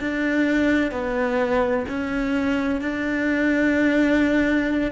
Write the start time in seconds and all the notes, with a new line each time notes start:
0.00 D4
0.92 B3
1.88 C#4
2.81 D4